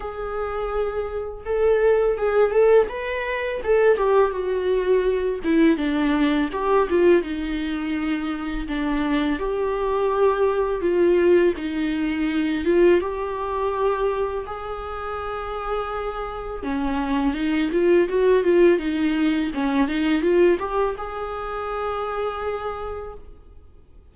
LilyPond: \new Staff \with { instrumentName = "viola" } { \time 4/4 \tempo 4 = 83 gis'2 a'4 gis'8 a'8 | b'4 a'8 g'8 fis'4. e'8 | d'4 g'8 f'8 dis'2 | d'4 g'2 f'4 |
dis'4. f'8 g'2 | gis'2. cis'4 | dis'8 f'8 fis'8 f'8 dis'4 cis'8 dis'8 | f'8 g'8 gis'2. | }